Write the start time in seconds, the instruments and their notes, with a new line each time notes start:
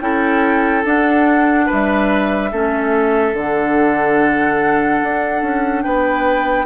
0.00 bassoon C#4, clarinet E4, oboe A4, flute G5
0.84 bassoon D4, clarinet D4, flute F#5
1.66 oboe B4, flute E5
1.72 bassoon G3
2.51 bassoon A3, clarinet C#4, oboe A4
3.33 bassoon D3, clarinet D4, flute F#5
5.03 bassoon D4
5.41 bassoon C#4
5.82 bassoon B3, oboe B4, flute G5